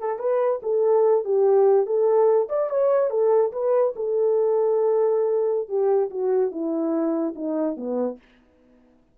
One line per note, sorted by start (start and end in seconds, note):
0.00 0.19 A4
0.19 0.61 B4
0.63 1.25 A4
1.25 1.86 G4
1.86 2.48 A4
2.49 2.70 D5
2.70 3.11 C#5
3.11 3.52 A4
3.52 3.94 B4
3.96 5.69 A4
5.69 6.10 G4
6.10 6.51 F#4
6.51 7.34 E4
7.35 7.77 D#4
7.77 8.18 B3